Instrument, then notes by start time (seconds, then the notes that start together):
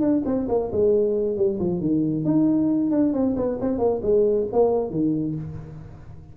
tuba
0.00 D4
0.25 C4
0.48 A#3
0.72 G#3
1.36 G3
1.59 F3
1.80 D#3
2.24 D#4
2.91 D4
3.13 C4
3.36 B3
3.61 C4
3.78 A#3
4.02 G#3
4.52 A#3
4.90 D#3